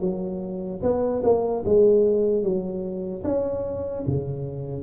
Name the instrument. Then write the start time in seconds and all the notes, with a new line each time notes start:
tuba
0.00 F#3
0.82 B3
1.23 A#3
1.65 G#3
2.43 F#3
3.24 C#4
4.07 C#3